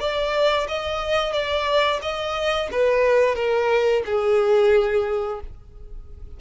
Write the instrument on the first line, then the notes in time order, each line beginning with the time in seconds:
violin
0.00 D5
0.68 D#5
1.33 D5
2.02 D#5
2.72 B4
3.36 A#4
4.06 G#4